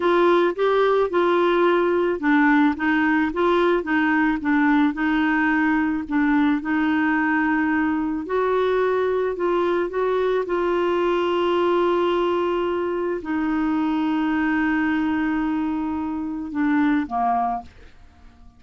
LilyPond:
\new Staff \with { instrumentName = "clarinet" } { \time 4/4 \tempo 4 = 109 f'4 g'4 f'2 | d'4 dis'4 f'4 dis'4 | d'4 dis'2 d'4 | dis'2. fis'4~ |
fis'4 f'4 fis'4 f'4~ | f'1 | dis'1~ | dis'2 d'4 ais4 | }